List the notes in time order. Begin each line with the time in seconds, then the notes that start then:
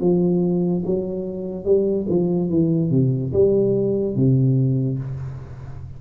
0.00 F3
0.85 F#3
1.65 G3
2.08 F3
2.49 E3
2.91 C3
3.33 G3
4.16 C3